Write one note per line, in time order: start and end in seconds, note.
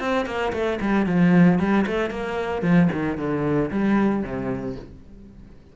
0.00 0.26 C4
0.26 0.52 A#3
0.53 0.79 A3
0.81 1.06 G3
1.06 1.59 F3
1.59 1.85 G3
1.87 2.11 A3
2.11 2.62 A#3
2.62 2.89 F3
2.92 3.17 D#3
3.17 3.70 D3
3.71 4.23 G3
4.23 4.76 C3